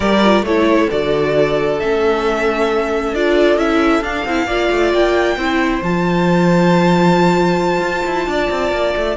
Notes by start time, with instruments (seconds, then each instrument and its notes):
0.00 cello G3, viola G4, violin A#4 D5
0.24 viola F4
0.42 cello A3, viola E4, violin A4 C#5
0.90 cello D3, viola F#4, violin D5
1.79 cello A3, viola C#4, violin E5
3.12 cello D4, viola F4, violin D5
3.55 cello C#4, viola E4, violin E5
4.00 cello D4, viola D4, violin F5
4.25 cello C4, viola E4
4.46 cello A#3, viola F4, violin D5
4.70 cello A3
4.93 cello A#3, violin G5
5.36 cello C4, viola E4, violin C5
5.81 cello F3, viola F4, violin A5
7.81 cello F4
8.06 cello E4
8.26 cello D4, violin D5
8.50 cello C4
8.71 cello A#3
8.96 cello A3